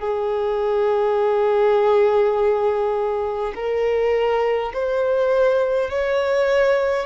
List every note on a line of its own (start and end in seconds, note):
0.00 3.53 G#4
3.55 4.73 A#4
4.74 5.90 C5
5.90 7.06 C#5